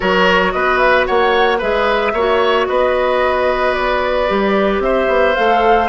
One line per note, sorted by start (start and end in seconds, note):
0.00 0.54 F#3
0.00 1.59 F#4
0.00 0.52 A#4
0.00 0.52 C#5
0.52 1.07 B3
0.52 1.06 B4
0.52 0.78 D#5
0.78 1.04 E5
1.06 1.62 A#3
1.06 1.58 C#5
1.06 1.59 F#5
1.58 2.13 G#3
1.58 2.14 G#4
1.58 2.11 B4
1.58 2.67 E5
2.13 2.66 A#3
2.13 4.27 F#4
2.13 2.67 C#5
2.67 4.29 B3
2.67 4.82 B4
2.67 3.73 D#5
3.73 4.80 D5
4.27 4.79 G3
4.27 5.34 G4
4.79 5.06 C4
4.79 5.88 C5
4.79 5.35 E5
5.07 5.34 B3
5.35 5.88 A3
5.35 5.88 A4
5.35 5.88 F5